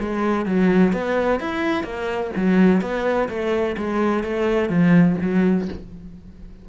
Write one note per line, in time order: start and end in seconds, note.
0.00 0.46 G#3
0.46 0.93 F#3
0.93 1.40 B3
1.40 1.84 E4
1.84 2.31 A#3
2.36 2.81 F#3
2.81 3.28 B3
3.29 3.76 A3
3.77 4.24 G#3
4.24 4.69 A3
4.69 5.16 F3
5.21 5.69 F#3